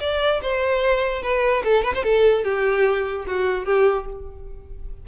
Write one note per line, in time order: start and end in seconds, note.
0.00 0.41 D5
0.42 1.22 C5
1.22 1.63 B4
1.64 1.84 A4
1.84 1.94 B4
1.94 2.03 C5
2.03 2.44 A4
2.44 3.26 G4
3.27 3.65 F#4
3.65 4.06 G4